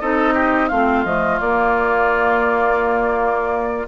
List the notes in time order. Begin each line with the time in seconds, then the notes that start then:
0.00 C4 D#4 A4 D#5
0.34 G4
0.69 A3 C4 F4 F5
1.04 F3 A3 D#5
1.40 A#3 D5